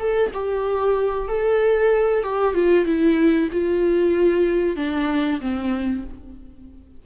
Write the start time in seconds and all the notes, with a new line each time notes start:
0.00 A4
0.34 G4
1.29 A4
2.24 G4
2.55 F4
2.86 E4
3.53 F4
4.77 D4
5.41 C4